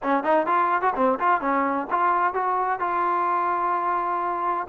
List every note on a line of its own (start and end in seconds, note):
0.03 0.23 C#4
0.23 0.46 D#4
0.46 0.81 F4
0.81 0.93 F#4
0.95 1.18 C4
1.19 1.40 F4
1.40 1.87 C#4
1.90 2.33 F4
2.33 2.79 F#4
2.79 4.67 F4